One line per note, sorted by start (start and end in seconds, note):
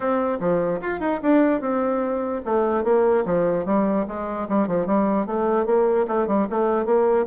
0.00 0.38 C4
0.40 0.80 F3
0.81 1.00 F4
1.00 1.20 D#4
1.22 1.60 D4
1.60 2.41 C4
2.45 2.84 A3
2.84 3.24 A#3
3.25 3.65 F3
3.65 4.06 G3
4.07 4.48 G#3
4.48 4.67 G3
4.67 4.86 F3
4.86 5.26 G3
5.26 5.66 A3
5.66 6.06 A#3
6.07 6.27 A3
6.27 6.47 G3
6.49 6.85 A3
6.85 7.26 A#3